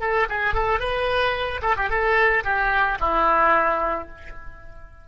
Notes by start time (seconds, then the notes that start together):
0.00 A4
0.29 G#4
0.54 A4
0.80 B4
1.62 A4
1.76 G4
1.89 A4
2.44 G4
3.00 E4